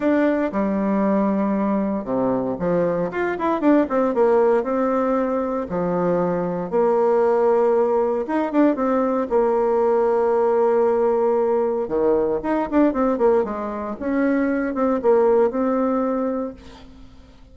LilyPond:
\new Staff \with { instrumentName = "bassoon" } { \time 4/4 \tempo 4 = 116 d'4 g2. | c4 f4 f'8 e'8 d'8 c'8 | ais4 c'2 f4~ | f4 ais2. |
dis'8 d'8 c'4 ais2~ | ais2. dis4 | dis'8 d'8 c'8 ais8 gis4 cis'4~ | cis'8 c'8 ais4 c'2 | }